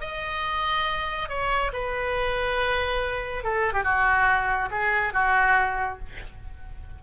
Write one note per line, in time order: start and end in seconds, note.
0.00 1.29 D#5
1.29 1.72 C#5
1.72 3.43 B4
3.43 3.73 A4
3.73 3.83 G4
3.83 4.69 F#4
4.71 5.13 G#4
5.13 5.99 F#4